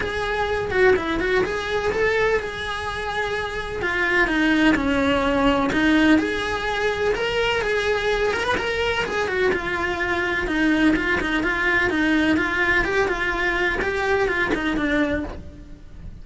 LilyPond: \new Staff \with { instrumentName = "cello" } { \time 4/4 \tempo 4 = 126 gis'4. fis'8 e'8 fis'8 gis'4 | a'4 gis'2. | f'4 dis'4 cis'2 | dis'4 gis'2 ais'4 |
gis'4. ais'16 b'16 ais'4 gis'8 fis'8 | f'2 dis'4 f'8 dis'8 | f'4 dis'4 f'4 g'8 f'8~ | f'4 g'4 f'8 dis'8 d'4 | }